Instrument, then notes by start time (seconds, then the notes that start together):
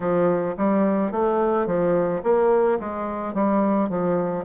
bassoon
0.00 F3
0.57 G3
1.11 A3
1.66 F3
2.23 A#3
2.79 G#3
3.34 G3
3.89 F3